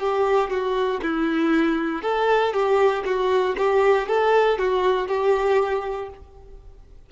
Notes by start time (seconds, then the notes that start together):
0.00 G4
0.50 F#4
1.03 E4
2.02 A4
2.54 G4
3.05 F#4
3.58 G4
4.08 A4
4.59 F#4
5.08 G4